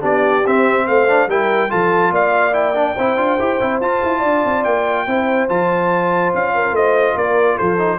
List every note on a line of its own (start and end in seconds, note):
0.00 0.44 B3
0.00 0.43 D4
0.00 0.84 G4
0.00 0.47 D5
0.46 0.87 C4
0.46 1.08 C4
0.46 0.87 E5
0.87 1.27 A3
0.87 1.29 C5
0.87 1.29 F5
1.08 1.29 D4
1.27 1.69 G3
1.27 1.69 E4
1.27 1.70 A#4
1.27 1.71 G5
1.69 2.11 F3
1.69 2.53 F4
1.69 2.12 A4
1.69 2.13 A5
2.11 2.95 A#3
2.11 2.95 D5
2.11 2.53 F5
2.53 2.74 E4
2.53 3.79 G5
2.74 2.95 D4
2.95 3.17 C4
2.95 3.17 E4
2.95 4.19 C5
3.17 3.38 D4
3.17 3.38 F4
3.39 3.60 E4
3.39 3.60 G4
3.60 3.80 C4
3.60 3.81 E4
3.80 4.01 F4
3.80 5.07 F4
3.80 4.64 A5
4.03 4.23 E4
4.19 4.44 D4
4.19 5.03 D5
4.45 4.65 C4
4.64 5.06 A#3
4.64 5.48 G5
5.06 5.48 C4
5.06 5.49 E4
5.06 6.55 C5
5.49 6.33 F3
5.49 7.78 F4
5.49 6.33 A5
6.34 6.71 C#4
6.34 6.75 F5
6.55 6.75 A#4
6.71 7.13 A3
6.71 7.17 C5
6.71 7.17 D#5
7.15 7.57 A#3
7.15 7.56 A#4
7.15 7.58 D5
7.56 7.99 F3
7.56 7.98 A4
7.56 7.99 C5
7.78 7.99 D#4